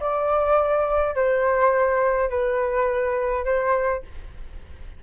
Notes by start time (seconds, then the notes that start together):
0.00 D5
1.15 C5
2.30 B4
3.45 C5